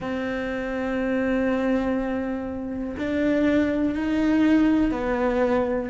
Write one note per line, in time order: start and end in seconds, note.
0.00 2.96 C4
2.98 3.95 D4
3.95 4.91 D#4
4.91 5.89 B3